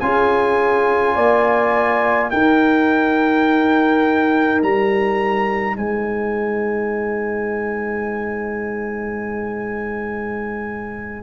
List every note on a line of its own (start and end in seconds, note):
0.00 1.17 C#4
0.00 2.31 F4
0.00 1.16 G#4
0.00 2.31 G#5
1.16 2.32 A#3
1.16 2.31 D5
2.31 11.24 D#4
2.31 4.63 D#4
2.31 5.77 A#4
2.31 4.62 G5
4.63 5.77 G3
4.63 5.77 A#5
5.77 11.24 G#3
5.77 11.24 C5
5.77 11.24 G#5